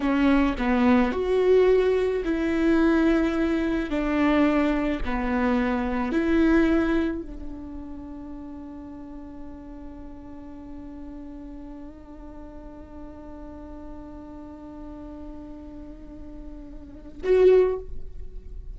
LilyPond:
\new Staff \with { instrumentName = "viola" } { \time 4/4 \tempo 4 = 108 cis'4 b4 fis'2 | e'2. d'4~ | d'4 b2 e'4~ | e'4 d'2.~ |
d'1~ | d'1~ | d'1~ | d'2. fis'4 | }